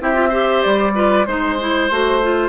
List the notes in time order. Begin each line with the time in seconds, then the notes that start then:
0.00 C4 E4 G4 E5
0.13 F4
0.29 G4 C5
0.62 G3 D5
0.94 F4 B4
1.25 G#3 D#4 C5
1.59 E4
1.90 A3 F#4
2.22 F4